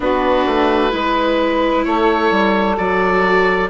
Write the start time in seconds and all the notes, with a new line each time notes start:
0.00 B3 D4 F#4 B4
0.46 A3
0.91 G#3 E4 B4
1.84 A3 A4 C#5
2.31 G3
2.76 F#3 F#4 D5